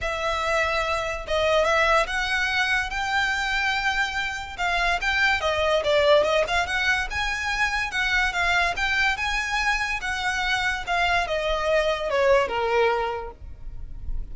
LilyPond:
\new Staff \with { instrumentName = "violin" } { \time 4/4 \tempo 4 = 144 e''2. dis''4 | e''4 fis''2 g''4~ | g''2. f''4 | g''4 dis''4 d''4 dis''8 f''8 |
fis''4 gis''2 fis''4 | f''4 g''4 gis''2 | fis''2 f''4 dis''4~ | dis''4 cis''4 ais'2 | }